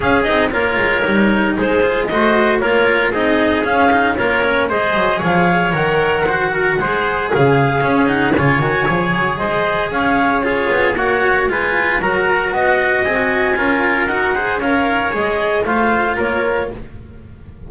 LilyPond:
<<
  \new Staff \with { instrumentName = "clarinet" } { \time 4/4 \tempo 4 = 115 f''8 dis''8 cis''2 c''4 | dis''4 cis''4 dis''4 f''4 | cis''4 dis''4 f''4 fis''4~ | fis''2 f''4. fis''8 |
gis''2 dis''4 f''4 | cis''4 fis''4 gis''4 ais''4 | fis''4 gis''2 fis''4 | f''4 dis''4 f''4 cis''4 | }
  \new Staff \with { instrumentName = "trumpet" } { \time 4/4 gis'4 ais'2 gis'4 | c''4 ais'4 gis'2 | ais'4 c''4 cis''2 | c''8 ais'8 c''4 gis'2 |
cis''2 c''4 cis''4 | gis'4 cis''4 b'4 ais'4 | dis''2 ais'4. c''8 | cis''2 c''4 ais'4 | }
  \new Staff \with { instrumentName = "cello" } { \time 4/4 cis'8 dis'8 f'4 dis'4. f'8 | fis'4 f'4 dis'4 cis'8 dis'8 | f'8 cis'8 gis'2 ais'4 | fis'4 gis'2 cis'8 dis'8 |
f'8 fis'8 gis'2. | f'4 fis'4 f'4 fis'4~ | fis'4 gis'16 fis'8. f'4 fis'8 gis'8 | ais'4 gis'4 f'2 | }
  \new Staff \with { instrumentName = "double bass" } { \time 4/4 cis'8 c'8 ais8 gis8 g4 gis4 | a4 ais4 c'4 cis'4 | ais4 gis8 fis8 f4 dis4~ | dis4 gis4 cis4 cis'4 |
cis8 dis8 f8 fis8 gis4 cis'4~ | cis'8 b8 ais4 gis4 fis4 | b4 c'4 cis'4 dis'4 | cis'4 gis4 a4 ais4 | }
>>